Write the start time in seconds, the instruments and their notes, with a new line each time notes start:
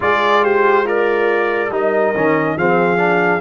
0.00 tuba G#3, trombone F4, horn G#4, trumpet D5
0.43 horn G4, trumpet C5
0.83 horn F4, trombone A#4, trumpet D5
1.69 tuba G3, trombone D#4, horn A#4, trumpet D#5
2.15 tuba D#3, trombone C#4
2.56 tuba F3, trombone C4, horn G#4, trumpet F5
2.96 trombone D4